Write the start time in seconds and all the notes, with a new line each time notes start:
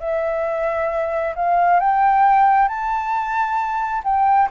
0.00 E5
1.36 F5
1.80 G5
2.68 A5
4.04 G5